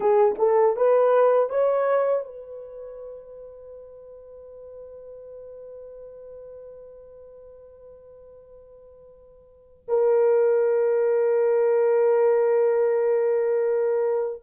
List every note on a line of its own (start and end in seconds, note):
0.00 0.35 G#4
0.38 0.76 A4
0.76 1.49 B4
1.49 2.25 C#5
2.25 9.84 B4
9.88 14.42 A#4